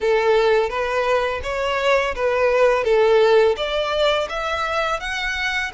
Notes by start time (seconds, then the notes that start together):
0.00 A4
0.69 B4
1.43 C#5
2.15 B4
2.84 A4
3.56 D5
4.29 E5
5.00 F#5